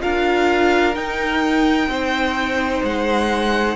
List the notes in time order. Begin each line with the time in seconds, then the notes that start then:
0.00 D4 F4 A#4 F5
0.94 D#4 G5
1.88 C4 C5
2.83 G#3 F#5